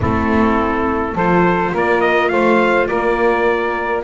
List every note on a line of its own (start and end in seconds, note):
0.00 1.15 A3
0.00 1.17 C4
0.00 1.13 E4
0.00 1.17 A4
1.13 1.72 F3
1.13 4.03 F4
1.13 1.71 A4
1.13 1.75 C5
1.72 2.31 A#3
1.72 2.30 A#4
1.72 2.00 D5
2.00 2.28 D#5
2.28 2.89 A3
2.28 2.88 C5
2.28 2.86 F5
2.87 4.03 A#3
2.87 4.03 A#4
2.87 4.02 D5